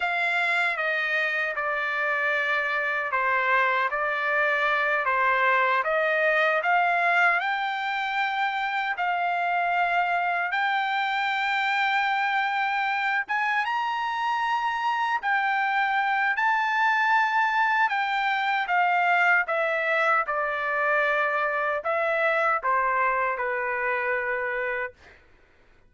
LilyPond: \new Staff \with { instrumentName = "trumpet" } { \time 4/4 \tempo 4 = 77 f''4 dis''4 d''2 | c''4 d''4. c''4 dis''8~ | dis''8 f''4 g''2 f''8~ | f''4. g''2~ g''8~ |
g''4 gis''8 ais''2 g''8~ | g''4 a''2 g''4 | f''4 e''4 d''2 | e''4 c''4 b'2 | }